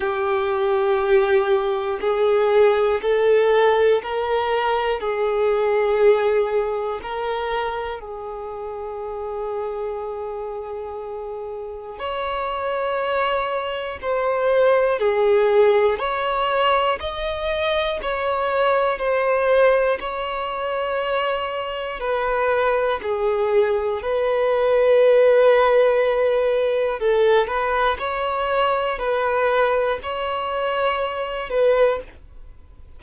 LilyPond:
\new Staff \with { instrumentName = "violin" } { \time 4/4 \tempo 4 = 60 g'2 gis'4 a'4 | ais'4 gis'2 ais'4 | gis'1 | cis''2 c''4 gis'4 |
cis''4 dis''4 cis''4 c''4 | cis''2 b'4 gis'4 | b'2. a'8 b'8 | cis''4 b'4 cis''4. b'8 | }